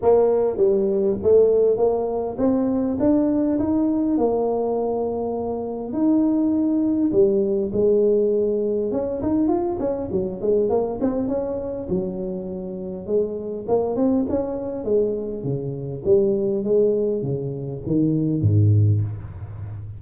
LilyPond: \new Staff \with { instrumentName = "tuba" } { \time 4/4 \tempo 4 = 101 ais4 g4 a4 ais4 | c'4 d'4 dis'4 ais4~ | ais2 dis'2 | g4 gis2 cis'8 dis'8 |
f'8 cis'8 fis8 gis8 ais8 c'8 cis'4 | fis2 gis4 ais8 c'8 | cis'4 gis4 cis4 g4 | gis4 cis4 dis4 gis,4 | }